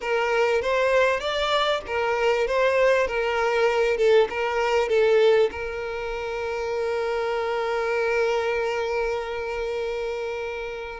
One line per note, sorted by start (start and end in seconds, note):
0.00 0.61 A#4
0.61 1.20 C5
1.20 1.81 D5
1.86 2.47 A#4
2.47 3.07 C5
3.07 3.97 A#4
3.97 4.27 A4
4.29 4.88 A#4
4.88 5.49 A4
5.51 11.00 A#4